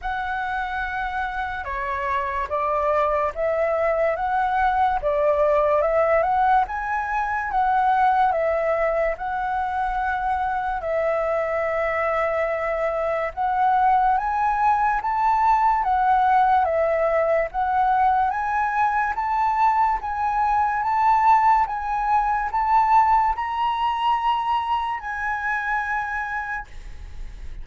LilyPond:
\new Staff \with { instrumentName = "flute" } { \time 4/4 \tempo 4 = 72 fis''2 cis''4 d''4 | e''4 fis''4 d''4 e''8 fis''8 | gis''4 fis''4 e''4 fis''4~ | fis''4 e''2. |
fis''4 gis''4 a''4 fis''4 | e''4 fis''4 gis''4 a''4 | gis''4 a''4 gis''4 a''4 | ais''2 gis''2 | }